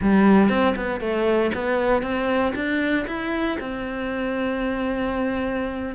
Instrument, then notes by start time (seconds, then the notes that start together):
cello
0.01 G3
0.49 C4
0.76 B3
1.00 A3
1.54 B3
2.02 C4
2.55 D4
3.07 E4
3.60 C4